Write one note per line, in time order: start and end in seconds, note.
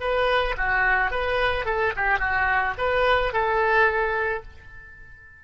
0.00 0.55 B4
0.57 1.11 F#4
1.11 1.65 B4
1.65 1.93 A4
1.96 2.19 G4
2.19 2.74 F#4
2.78 3.33 B4
3.33 4.43 A4